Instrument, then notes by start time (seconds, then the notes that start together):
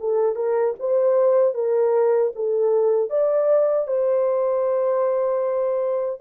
horn
0.00 A4
0.35 A#4
0.79 C5
1.54 A#4
2.36 A4
3.10 D5
3.87 C5